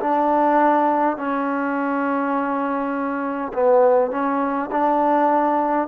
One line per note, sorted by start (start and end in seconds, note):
0.00 1.17 D4
1.17 3.52 C#4
3.53 4.11 B3
4.11 4.70 C#4
4.72 5.88 D4